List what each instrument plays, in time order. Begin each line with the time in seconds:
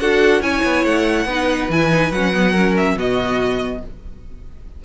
0.00 cello D4, viola F#4, violin A4 F#5
0.42 cello C#4, viola E4, violin C#5 G#5
0.63 cello B3
0.85 cello A3, violin F#5
1.26 cello B3, viola D#4, violin B4
1.69 cello E3, viola E4, violin G#5
1.90 viola D#4
2.11 cello F#3, viola C#4, violin F#5
2.34 viola B3
2.52 viola C#4, violin A#4
2.77 violin E5
2.96 cello B2, viola B3, violin F#4 D#5